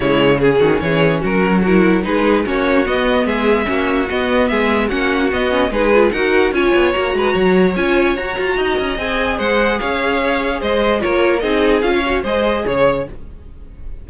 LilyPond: <<
  \new Staff \with { instrumentName = "violin" } { \time 4/4 \tempo 4 = 147 cis''4 gis'4 cis''4 ais'4 | fis'4 b'4 cis''4 dis''4 | e''2 dis''4 e''4 | fis''4 dis''4 b'4 fis''4 |
gis''4 ais''2 gis''4 | ais''2 gis''4 fis''4 | f''2 dis''4 cis''4 | dis''4 f''4 dis''4 cis''4 | }
  \new Staff \with { instrumentName = "violin" } { \time 4/4 e'4 gis'8 fis'8 gis'4 fis'4 | ais'4 gis'4 fis'2 | gis'4 fis'2 gis'4 | fis'2 gis'4 ais'4 |
cis''4. b'8 cis''2~ | cis''4 dis''2 c''4 | cis''2 c''4 ais'4 | gis'4~ gis'16 cis''8. c''4 cis''4 | }
  \new Staff \with { instrumentName = "viola" } { \time 4/4 gis4 cis'2. | e'4 dis'4 cis'4 b4~ | b4 cis'4 b2 | cis'4 b8 cis'8 dis'8 f'8 fis'4 |
f'4 fis'2 f'4 | fis'2 gis'2~ | gis'2. f'4 | dis'4 f'8 fis'8 gis'2 | }
  \new Staff \with { instrumentName = "cello" } { \time 4/4 cis4. dis8 e4 fis4~ | fis4 gis4 ais4 b4 | gis4 ais4 b4 gis4 | ais4 b4 gis4 dis'4 |
cis'8 b8 ais8 gis8 fis4 cis'4 | fis'8 f'8 dis'8 cis'8 c'4 gis4 | cis'2 gis4 ais4 | c'4 cis'4 gis4 cis4 | }
>>